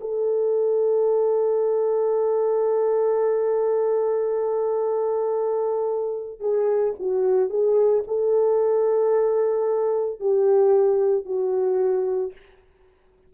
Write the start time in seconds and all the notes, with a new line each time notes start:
0.00 A4
6.40 G#4
6.99 F#4
7.49 G#4
8.07 A4
10.19 G4
11.25 F#4